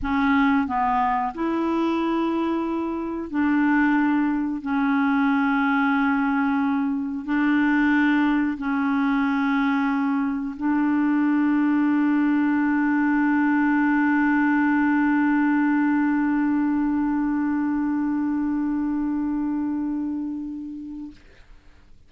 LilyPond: \new Staff \with { instrumentName = "clarinet" } { \time 4/4 \tempo 4 = 91 cis'4 b4 e'2~ | e'4 d'2 cis'4~ | cis'2. d'4~ | d'4 cis'2. |
d'1~ | d'1~ | d'1~ | d'1 | }